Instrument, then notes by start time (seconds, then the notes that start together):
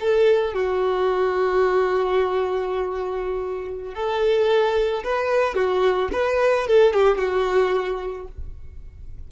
violin
0.00 A4
0.53 F#4
3.94 A4
5.04 B4
5.54 F#4
6.12 B4
6.67 A4
6.93 G4
7.18 F#4